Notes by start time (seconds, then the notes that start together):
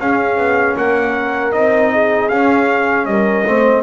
0.00 C#4 G#4 F5
0.37 B3
0.77 A#3 A#4 F#5
1.52 C4 D#4 D#5
1.93 G#4
2.29 C#4 F5
3.06 G3 A#4 D#5
3.46 A3 C4 C5